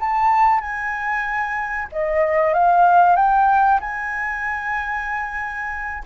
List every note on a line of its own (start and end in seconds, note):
0.00 0.60 A5
0.60 1.88 G#5
1.92 2.54 D#5
2.54 3.16 F5
3.16 3.80 G5
3.80 6.04 G#5